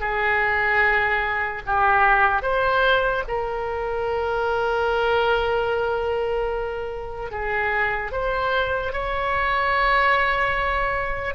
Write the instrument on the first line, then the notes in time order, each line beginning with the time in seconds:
oboe
0.00 G#4
1.66 G4
2.42 C5
3.27 A#4
7.30 G#4
8.12 C5
8.92 C#5